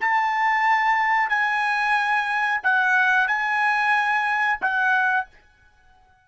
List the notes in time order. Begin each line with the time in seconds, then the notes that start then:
0.00 A5
1.29 G#5
2.63 F#5
3.27 G#5
4.61 F#5